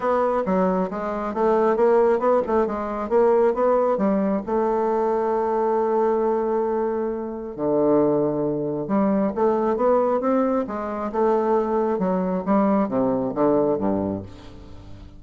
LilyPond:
\new Staff \with { instrumentName = "bassoon" } { \time 4/4 \tempo 4 = 135 b4 fis4 gis4 a4 | ais4 b8 a8 gis4 ais4 | b4 g4 a2~ | a1~ |
a4 d2. | g4 a4 b4 c'4 | gis4 a2 fis4 | g4 c4 d4 g,4 | }